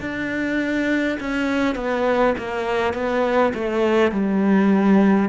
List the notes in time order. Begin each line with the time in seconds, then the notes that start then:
0.00 D4
1.20 C#4
1.75 B3
2.37 A#3
2.94 B3
3.53 A3
4.11 G3